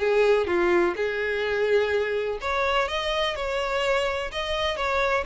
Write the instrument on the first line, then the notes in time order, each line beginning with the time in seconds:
violin
0.00 G#4
0.48 F4
0.97 G#4
2.42 C#5
2.89 D#5
3.36 C#5
4.32 D#5
4.77 C#5